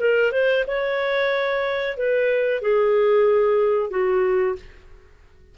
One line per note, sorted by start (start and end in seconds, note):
0.00 0.32 A#4
0.32 0.65 C5
0.67 1.97 C#5
1.97 2.62 B4
2.62 3.90 G#4
3.90 4.56 F#4